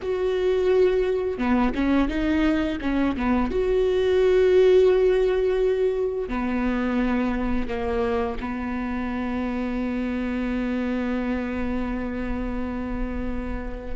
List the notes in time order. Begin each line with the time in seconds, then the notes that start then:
0.02 F#4
1.38 B3
1.74 C#4
2.08 D#4
2.81 C#4
3.16 B3
3.50 F#4
6.28 B3
7.67 A#3
8.40 B3